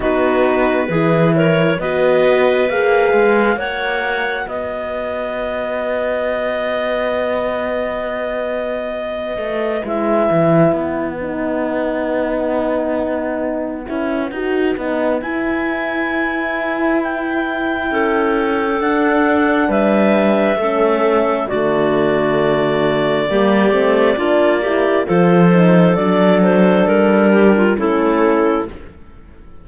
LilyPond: <<
  \new Staff \with { instrumentName = "clarinet" } { \time 4/4 \tempo 4 = 67 b'4. cis''8 dis''4 f''4 | fis''4 dis''2.~ | dis''2. e''4 | fis''1~ |
fis''4 gis''2 g''4~ | g''4 fis''4 e''2 | d''1 | c''4 d''8 c''8 ais'4 a'4 | }
  \new Staff \with { instrumentName = "clarinet" } { \time 4/4 fis'4 gis'8 ais'8 b'2 | cis''4 b'2.~ | b'1~ | b'1~ |
b'1 | a'2 b'4 a'4 | fis'2 g'4 f'8 g'8 | a'2~ a'8 g'16 f'16 e'4 | }
  \new Staff \with { instrumentName = "horn" } { \time 4/4 dis'4 e'4 fis'4 gis'4 | fis'1~ | fis'2. e'4~ | e'8 dis'2. e'8 |
fis'8 dis'8 e'2.~ | e'4 d'2 cis'4 | a2 ais8 c'8 d'8 e'8 | f'8 dis'8 d'2 cis'4 | }
  \new Staff \with { instrumentName = "cello" } { \time 4/4 b4 e4 b4 ais8 gis8 | ais4 b2.~ | b2~ b8 a8 gis8 e8 | b2.~ b8 cis'8 |
dis'8 b8 e'2. | cis'4 d'4 g4 a4 | d2 g8 a8 ais4 | f4 fis4 g4 a4 | }
>>